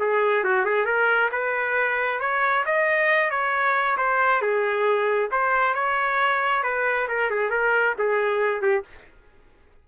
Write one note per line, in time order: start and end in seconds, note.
0.00 0.44 G#4
0.45 0.66 F#4
0.66 0.86 G#4
0.86 1.30 A#4
1.32 2.20 B4
2.20 2.65 C#5
2.66 3.31 D#5
3.31 3.97 C#5
3.98 4.42 C5
4.42 5.31 G#4
5.32 5.75 C5
5.75 6.63 C#5
6.63 7.08 B4
7.09 7.31 A#4
7.31 7.51 G#4
7.51 7.95 A#4
7.99 8.62 G#4
8.62 8.84 G4